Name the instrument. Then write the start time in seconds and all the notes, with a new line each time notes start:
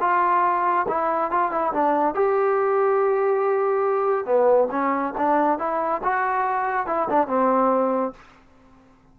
trombone
0.00 F4
0.88 E4
1.31 F4
1.51 E4
1.73 D4
2.14 G4
4.25 B3
4.71 C#4
5.17 D4
5.58 E4
6.03 F#4
6.86 E4
7.09 D4
7.27 C4